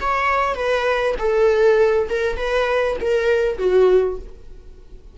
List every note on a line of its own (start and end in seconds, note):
0.00 0.55 C#5
0.55 1.15 B4
1.18 2.08 A4
2.09 2.36 A#4
2.36 2.96 B4
3.00 3.58 A#4
3.58 4.18 F#4